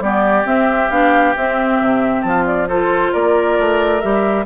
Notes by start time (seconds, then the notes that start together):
0.00 G3 B3 G4 D5
0.44 C4 E5
0.90 B3 D4 F5
1.36 C4 E5
1.81 C3
2.22 F3 F4 A5
2.46 D5
2.68 F4 A4 C5
3.12 A#3 A#4 D5
3.59 A3
4.01 G3 G4 E5